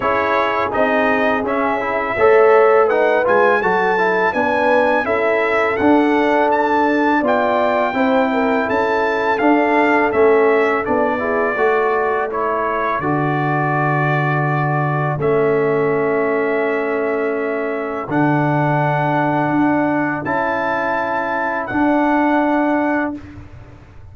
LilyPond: <<
  \new Staff \with { instrumentName = "trumpet" } { \time 4/4 \tempo 4 = 83 cis''4 dis''4 e''2 | fis''8 gis''8 a''4 gis''4 e''4 | fis''4 a''4 g''2 | a''4 f''4 e''4 d''4~ |
d''4 cis''4 d''2~ | d''4 e''2.~ | e''4 fis''2. | a''2 fis''2 | }
  \new Staff \with { instrumentName = "horn" } { \time 4/4 gis'2. cis''4 | b'4 a'4 b'4 a'4~ | a'2 d''4 c''8 ais'8 | a'2.~ a'8 gis'8 |
a'1~ | a'1~ | a'1~ | a'1 | }
  \new Staff \with { instrumentName = "trombone" } { \time 4/4 e'4 dis'4 cis'8 e'8 a'4 | dis'8 f'8 fis'8 e'8 d'4 e'4 | d'2 f'4 e'4~ | e'4 d'4 cis'4 d'8 e'8 |
fis'4 e'4 fis'2~ | fis'4 cis'2.~ | cis'4 d'2. | e'2 d'2 | }
  \new Staff \with { instrumentName = "tuba" } { \time 4/4 cis'4 c'4 cis'4 a4~ | a8 gis8 fis4 b4 cis'4 | d'2 b4 c'4 | cis'4 d'4 a4 b4 |
a2 d2~ | d4 a2.~ | a4 d2 d'4 | cis'2 d'2 | }
>>